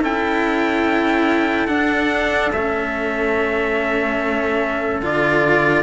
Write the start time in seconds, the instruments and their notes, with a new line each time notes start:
0.00 cello C#4 E4, trumpet A4 G5
1.67 cello D4, trumpet F#5
2.52 cello A3 C#4, trumpet E5
5.00 cello D3 F4, trumpet D5